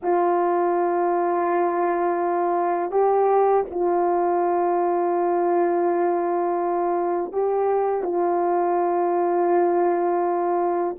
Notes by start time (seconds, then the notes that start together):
0.02 F4
2.91 G4
3.70 F4
7.32 G4
8.03 F4